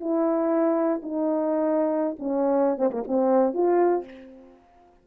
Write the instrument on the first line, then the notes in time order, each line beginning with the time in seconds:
horn
0.00 E4
1.02 D#4
2.19 C#4
2.78 C4
2.91 A#3
3.07 C4
3.54 F4